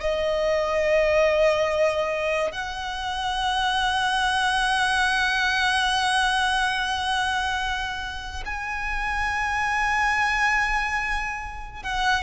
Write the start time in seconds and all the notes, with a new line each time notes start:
0.00 D#5
2.52 F#5
8.45 G#5
11.83 F#5